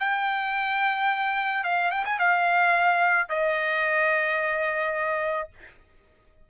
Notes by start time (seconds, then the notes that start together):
0.00 G5
1.64 F5
1.91 G5
2.05 G#5
2.19 F5
3.29 D#5